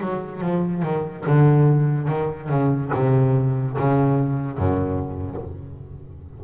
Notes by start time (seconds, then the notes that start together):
0.00 F#3
0.41 F3
0.82 D#3
1.26 D3
2.07 D#3
2.49 C#3
2.93 C3
3.78 C#3
4.57 F#2